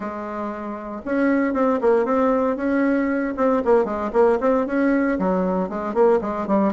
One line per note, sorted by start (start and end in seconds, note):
0.00 1.01 G#3
1.05 1.53 C#4
1.53 1.79 C4
1.81 2.05 A#3
2.05 2.56 C4
2.56 3.34 C#4
3.36 3.62 C4
3.65 3.84 A#3
3.84 4.10 G#3
4.12 4.38 A#3
4.40 4.66 C4
4.66 5.18 C#4
5.18 5.69 F#3
5.69 5.93 G#3
5.93 6.19 A#3
6.21 6.47 G#3
6.47 6.73 G3